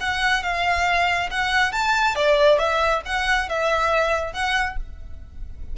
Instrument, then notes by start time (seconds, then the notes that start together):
violin
0.00 F#5
0.43 F5
1.30 F#5
1.72 A5
2.15 D5
2.58 E5
3.05 F#5
3.49 E5
4.33 F#5